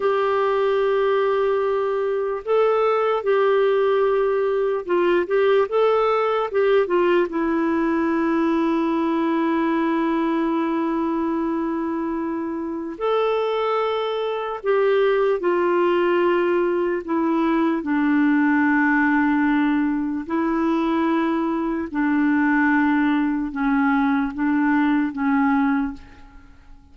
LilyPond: \new Staff \with { instrumentName = "clarinet" } { \time 4/4 \tempo 4 = 74 g'2. a'4 | g'2 f'8 g'8 a'4 | g'8 f'8 e'2.~ | e'1 |
a'2 g'4 f'4~ | f'4 e'4 d'2~ | d'4 e'2 d'4~ | d'4 cis'4 d'4 cis'4 | }